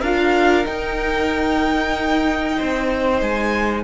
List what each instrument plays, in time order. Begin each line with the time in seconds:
0.00 cello D4, viola F4, violin A#4 F5
0.64 viola D#4, cello D#4, violin G5
2.57 cello C4, violin C5
3.22 cello G#3, violin G#5